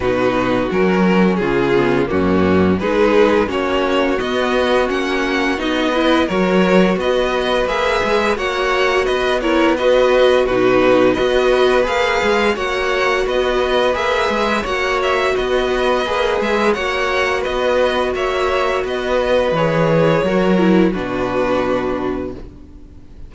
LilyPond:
<<
  \new Staff \with { instrumentName = "violin" } { \time 4/4 \tempo 4 = 86 b'4 ais'4 gis'4 fis'4 | b'4 cis''4 dis''4 fis''4 | dis''4 cis''4 dis''4 e''4 | fis''4 dis''8 cis''8 dis''4 b'4 |
dis''4 f''4 fis''4 dis''4 | e''4 fis''8 e''8 dis''4. e''8 | fis''4 dis''4 e''4 dis''4 | cis''2 b'2 | }
  \new Staff \with { instrumentName = "violin" } { \time 4/4 fis'2 f'4 cis'4 | gis'4 fis'2.~ | fis'8 b'8 ais'4 b'2 | cis''4 b'8 ais'8 b'4 fis'4 |
b'2 cis''4 b'4~ | b'4 cis''4 b'2 | cis''4 b'4 cis''4 b'4~ | b'4 ais'4 fis'2 | }
  \new Staff \with { instrumentName = "viola" } { \time 4/4 dis'4 cis'4. b8 ais4 | dis'4 cis'4 b4 cis'4 | dis'8 e'8 fis'2 gis'4 | fis'4. e'8 fis'4 dis'4 |
fis'4 gis'4 fis'2 | gis'4 fis'2 gis'4 | fis'1 | gis'4 fis'8 e'8 d'2 | }
  \new Staff \with { instrumentName = "cello" } { \time 4/4 b,4 fis4 cis4 fis,4 | gis4 ais4 b4 ais4 | b4 fis4 b4 ais8 gis8 | ais4 b2 b,4 |
b4 ais8 gis8 ais4 b4 | ais8 gis8 ais4 b4 ais8 gis8 | ais4 b4 ais4 b4 | e4 fis4 b,2 | }
>>